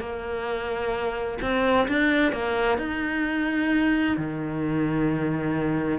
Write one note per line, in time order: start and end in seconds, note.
0.00 1.38 A#3
1.42 1.88 C4
1.88 2.32 D4
2.32 2.78 A#3
2.78 4.17 D#4
4.17 5.99 D#3